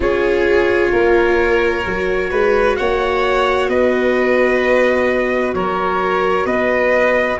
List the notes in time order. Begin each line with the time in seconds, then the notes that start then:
0.00 C#4 F4 G#4 C#5
0.91 A#3 A#4
1.85 F#3 F#4
2.30 G#3 B4
2.76 A#3 C#5 F#5
3.68 B3 B4 D#5
5.54 F#3 A#4 C#5
6.45 B3 B4 D#5